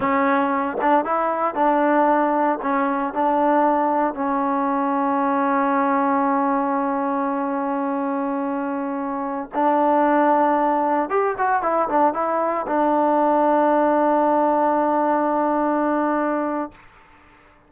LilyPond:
\new Staff \with { instrumentName = "trombone" } { \time 4/4 \tempo 4 = 115 cis'4. d'8 e'4 d'4~ | d'4 cis'4 d'2 | cis'1~ | cis'1~ |
cis'2~ cis'16 d'4.~ d'16~ | d'4~ d'16 g'8 fis'8 e'8 d'8 e'8.~ | e'16 d'2.~ d'8.~ | d'1 | }